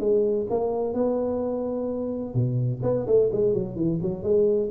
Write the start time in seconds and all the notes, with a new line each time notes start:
0.00 G#3
0.50 A#3
0.94 B3
2.34 B2
2.83 B3
3.07 A3
3.33 G#3
3.54 F#3
3.76 E3
4.02 F#3
4.23 G#3